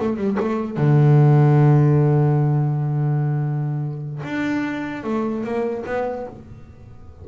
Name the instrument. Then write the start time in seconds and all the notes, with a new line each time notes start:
double bass
0.00 A3
0.17 G3
0.40 A3
0.77 D3
4.24 D4
5.04 A3
5.44 A#3
5.87 B3